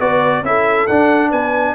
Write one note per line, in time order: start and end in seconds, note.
0.00 0.42 B3
0.00 0.44 F#4
0.00 0.44 B4
0.00 0.44 D5
0.42 0.86 C#4
0.42 0.89 E4
0.42 1.30 A4
0.42 0.87 E5
0.87 1.32 D4
0.87 1.75 D4
0.87 1.31 F#5
1.30 1.75 B3
1.30 1.74 B4
1.30 1.75 G#5